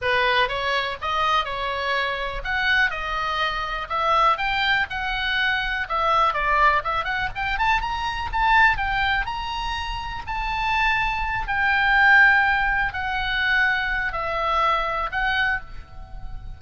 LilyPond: \new Staff \with { instrumentName = "oboe" } { \time 4/4 \tempo 4 = 123 b'4 cis''4 dis''4 cis''4~ | cis''4 fis''4 dis''2 | e''4 g''4 fis''2 | e''4 d''4 e''8 fis''8 g''8 a''8 |
ais''4 a''4 g''4 ais''4~ | ais''4 a''2~ a''8 g''8~ | g''2~ g''8 fis''4.~ | fis''4 e''2 fis''4 | }